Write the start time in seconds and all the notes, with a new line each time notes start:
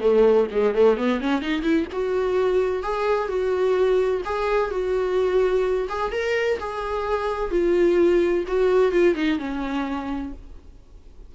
0.00 A3
0.51 G#3
0.74 A3
0.97 B3
1.20 C#4
1.41 D#4
1.62 E4
1.92 F#4
2.83 G#4
3.28 F#4
4.25 G#4
4.70 F#4
5.89 G#4
6.11 A#4
6.59 G#4
7.51 F4
8.47 F#4
8.91 F4
9.15 D#4
9.39 C#4